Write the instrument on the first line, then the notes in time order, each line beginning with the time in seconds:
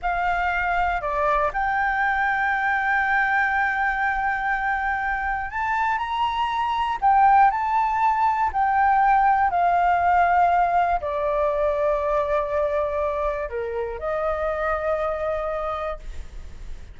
flute
0.02 F5
1.01 D5
1.53 G5
5.50 A5
5.98 A#5
7.01 G5
7.50 A5
8.53 G5
9.50 F5
11.00 D5
13.49 A#4
13.99 D#5